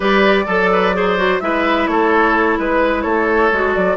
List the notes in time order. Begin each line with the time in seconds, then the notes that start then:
0.00 G3 G4 B4 D5
0.46 F#3 A4
0.72 B4
0.93 G#4 C5
1.17 F#4
1.39 G#3 E4 B4 E5
1.86 A3 A4 C#5
2.58 G#3 B4
3.01 A3 A4 C#5
3.52 G#3 F#4
3.74 F#3 D5